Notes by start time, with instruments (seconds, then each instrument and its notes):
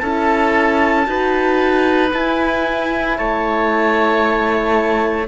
0.00 cello C#4, horn E4, oboe A4, trumpet A5
1.05 cello D#4, horn F#4, oboe B4
2.12 horn E4, cello E4, trumpet G#5
3.18 cello A3, oboe C#5, trumpet A5